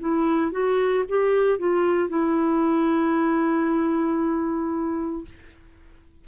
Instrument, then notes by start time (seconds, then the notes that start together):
clarinet
0.00 E4
0.52 F#4
1.09 G4
1.58 F4
2.09 E4